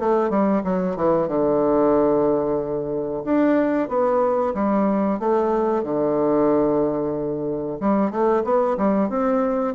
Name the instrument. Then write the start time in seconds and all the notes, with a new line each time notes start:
bassoon
0.00 A3
0.30 G3
0.65 F#3
0.97 E3
1.28 D3
3.25 D4
3.89 B3
4.55 G3
5.20 A3
5.84 D3
7.81 G3
8.11 A3
8.45 B3
8.78 G3
9.10 C4